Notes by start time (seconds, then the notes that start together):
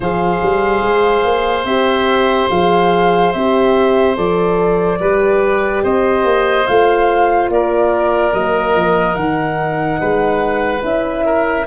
0.00 F3 G#4 C5 F5
0.42 G3
0.82 G#3
1.24 A#3
1.64 C4 G4 E5
2.49 F3 G#4 F5
3.32 C4 G4 E5
4.16 F3 A4 D5
4.99 G3 G4 B4
5.83 C4 C5 D#5
6.23 A#3
6.66 A3 F4 F5
7.48 A#3 A#4 D5
8.32 F#3 A#3 D#5
8.74 F3
9.14 D#3 D#4 F#5
10.00 G#3 B4
10.80 C#4 E4 E5
11.25 A#4